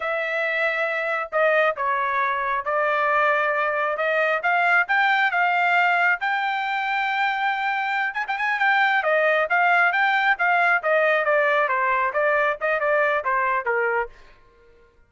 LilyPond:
\new Staff \with { instrumentName = "trumpet" } { \time 4/4 \tempo 4 = 136 e''2. dis''4 | cis''2 d''2~ | d''4 dis''4 f''4 g''4 | f''2 g''2~ |
g''2~ g''8 gis''16 g''16 gis''8 g''8~ | g''8 dis''4 f''4 g''4 f''8~ | f''8 dis''4 d''4 c''4 d''8~ | d''8 dis''8 d''4 c''4 ais'4 | }